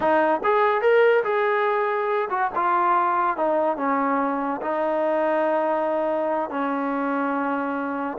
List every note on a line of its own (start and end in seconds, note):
0.00 0.41 D#4
0.43 0.81 G#4
0.81 1.23 A#4
1.24 2.28 G#4
2.29 2.50 F#4
2.55 3.36 F4
3.36 3.76 D#4
3.76 4.60 C#4
4.61 6.50 D#4
6.50 8.17 C#4